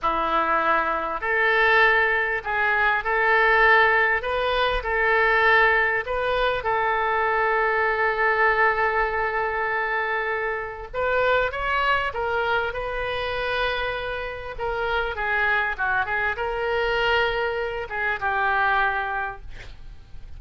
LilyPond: \new Staff \with { instrumentName = "oboe" } { \time 4/4 \tempo 4 = 99 e'2 a'2 | gis'4 a'2 b'4 | a'2 b'4 a'4~ | a'1~ |
a'2 b'4 cis''4 | ais'4 b'2. | ais'4 gis'4 fis'8 gis'8 ais'4~ | ais'4. gis'8 g'2 | }